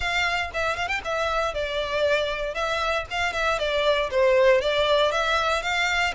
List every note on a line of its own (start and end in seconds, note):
0.00 0.50 F5
0.53 0.76 E5
0.76 0.88 F5
0.88 1.00 G5
1.04 1.54 E5
1.54 2.54 D5
2.54 3.05 E5
3.10 3.33 F5
3.33 3.58 E5
3.58 4.10 D5
4.10 4.61 C5
4.61 5.11 D5
5.11 5.62 E5
5.62 6.13 F5